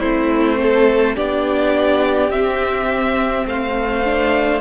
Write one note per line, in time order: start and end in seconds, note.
0.00 1.17 A3
0.00 1.17 C4
0.00 0.58 E4
0.00 1.15 C5
0.62 1.16 A4
1.16 2.30 B3
1.16 2.32 D4
1.16 3.47 G4
1.16 2.31 D5
2.30 3.45 C4
2.30 4.05 C4
2.30 3.46 E5
3.46 4.61 A3
3.46 4.61 C5
3.46 4.61 F5
4.05 4.61 D4